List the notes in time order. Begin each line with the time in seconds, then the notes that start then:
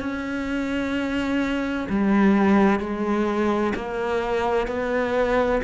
0.00 C#4
1.89 G3
2.80 G#3
3.75 A#3
4.67 B3